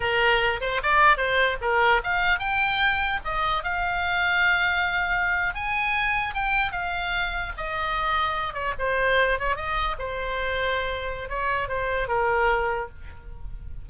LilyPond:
\new Staff \with { instrumentName = "oboe" } { \time 4/4 \tempo 4 = 149 ais'4. c''8 d''4 c''4 | ais'4 f''4 g''2 | dis''4 f''2.~ | f''4.~ f''16 gis''2 g''16~ |
g''8. f''2 dis''4~ dis''16~ | dis''4~ dis''16 cis''8 c''4. cis''8 dis''16~ | dis''8. c''2.~ c''16 | cis''4 c''4 ais'2 | }